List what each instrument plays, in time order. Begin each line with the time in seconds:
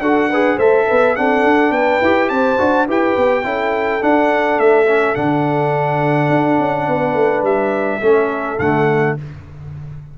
0.00 tuba D4, trombone F#4, horn A4, trumpet F#5
0.29 trombone G#4, horn B4
0.56 tuba A3, trombone A4, horn C5, trumpet E5
0.87 tuba B3, horn B4
1.16 tuba C4, trombone D4, horn A4, trumpet F#5
1.44 tuba D4
1.70 tuba B3, horn B4, trumpet G5
2.02 tuba E4, trombone G4
2.29 tuba C4, horn C5, trumpet A5
2.58 tuba D4, trombone F#4
2.87 tuba E4, trombone G4, horn B4, trumpet G5
3.17 tuba B3
3.43 tuba C#4, trombone E4, horn A4
4.00 trombone D4, tuba D4, trumpet F#5
4.58 tuba A3, trumpet E5
4.87 trombone C#4
5.15 tuba D3, trombone D4, trumpet F#5
6.29 tuba D4
6.59 tuba C#4
6.87 tuba B3, horn B4
7.14 tuba A3
7.43 tuba G3, trumpet E5
8.01 tuba A3, trombone C#4, horn A4
8.59 tuba D3, trombone A3, trumpet F#5